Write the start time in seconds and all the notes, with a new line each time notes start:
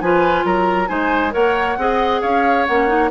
0.00 F3 F4 B4 G#5
0.44 F#3 A#4 A#5
0.87 G#3 D#4 C5 G#5
1.31 A#3 A#4 C#5 F#5
1.77 C4 G#4 D#5
2.21 C#4 C#5 F5
2.66 A#3 C#4 F#5
2.87 D#4